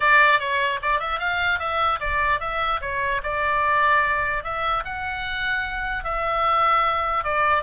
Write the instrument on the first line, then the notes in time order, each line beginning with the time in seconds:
oboe
0.00 D5
0.39 C#5
0.82 D5
0.99 E5
1.19 F5
1.59 E5
1.99 D5
2.40 E5
2.81 C#5
3.23 D5
4.43 E5
4.84 F#5
6.04 E5
7.24 D5